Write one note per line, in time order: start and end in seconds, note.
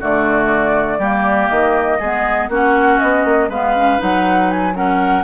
0.00 0.98 D3
0.00 1.01 A3
0.00 0.98 F#4
0.00 1.48 D5
0.98 1.48 G3
0.98 2.01 A#3
0.98 1.98 G4
1.48 2.00 D#3
1.48 2.48 D#5
1.99 2.49 G#3
1.99 2.50 B3
1.99 2.49 G#4
2.49 2.99 A#3
2.49 3.50 C#4
2.49 3.49 F#4
2.49 2.99 F#5
2.99 3.25 B3
2.99 3.49 D#5
3.25 3.49 A#3
3.49 3.99 G#3
3.49 3.76 B3
3.49 4.74 B4
3.49 4.01 F5
3.76 3.98 C#4
3.98 5.24 F#3
3.98 4.73 D#4
3.98 4.50 F#5
4.50 4.75 G#5
4.74 5.24 C#4
4.74 5.24 A#4
4.74 5.24 F#5